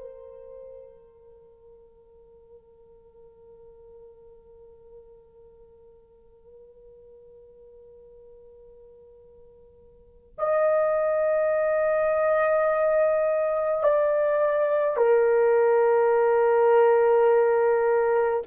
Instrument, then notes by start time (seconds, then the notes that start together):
horn
0.00 A#4
10.38 D#5
13.83 D5
14.97 A#4